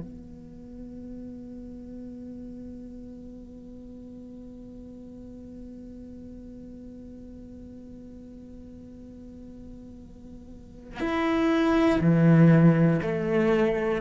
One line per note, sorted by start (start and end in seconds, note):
0.00 11.00 B3
11.00 12.00 E4
12.00 13.00 E3
13.02 14.01 A3